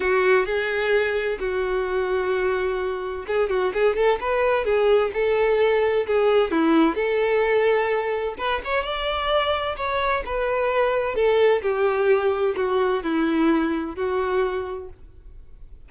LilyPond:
\new Staff \with { instrumentName = "violin" } { \time 4/4 \tempo 4 = 129 fis'4 gis'2 fis'4~ | fis'2. gis'8 fis'8 | gis'8 a'8 b'4 gis'4 a'4~ | a'4 gis'4 e'4 a'4~ |
a'2 b'8 cis''8 d''4~ | d''4 cis''4 b'2 | a'4 g'2 fis'4 | e'2 fis'2 | }